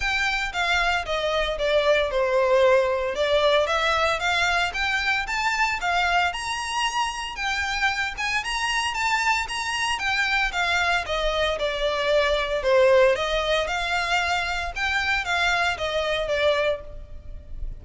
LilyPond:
\new Staff \with { instrumentName = "violin" } { \time 4/4 \tempo 4 = 114 g''4 f''4 dis''4 d''4 | c''2 d''4 e''4 | f''4 g''4 a''4 f''4 | ais''2 g''4. gis''8 |
ais''4 a''4 ais''4 g''4 | f''4 dis''4 d''2 | c''4 dis''4 f''2 | g''4 f''4 dis''4 d''4 | }